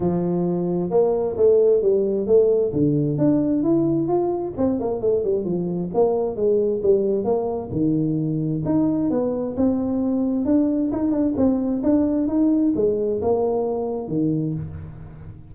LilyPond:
\new Staff \with { instrumentName = "tuba" } { \time 4/4 \tempo 4 = 132 f2 ais4 a4 | g4 a4 d4 d'4 | e'4 f'4 c'8 ais8 a8 g8 | f4 ais4 gis4 g4 |
ais4 dis2 dis'4 | b4 c'2 d'4 | dis'8 d'8 c'4 d'4 dis'4 | gis4 ais2 dis4 | }